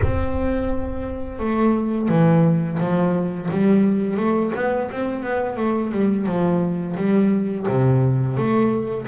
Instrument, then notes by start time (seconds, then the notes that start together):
double bass
0.02 C4
1.39 A3
2.08 E3
2.79 F3
3.51 G3
4.17 A3
4.55 B3
4.91 C4
5.23 B3
5.56 A3
5.91 G3
6.26 F3
6.96 G3
7.67 C3
8.37 A3